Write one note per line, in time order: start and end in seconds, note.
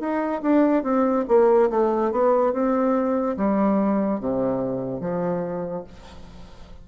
0.00 0.42 D#4
0.42 0.83 D4
0.83 1.25 C4
1.28 1.70 A#3
1.70 2.12 A3
2.12 2.53 B3
2.53 3.36 C4
3.37 4.20 G3
4.20 5.01 C3
5.01 5.84 F3